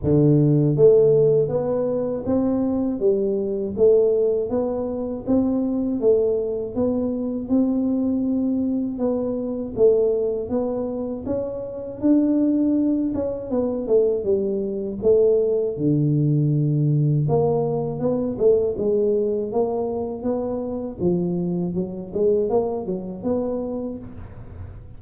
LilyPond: \new Staff \with { instrumentName = "tuba" } { \time 4/4 \tempo 4 = 80 d4 a4 b4 c'4 | g4 a4 b4 c'4 | a4 b4 c'2 | b4 a4 b4 cis'4 |
d'4. cis'8 b8 a8 g4 | a4 d2 ais4 | b8 a8 gis4 ais4 b4 | f4 fis8 gis8 ais8 fis8 b4 | }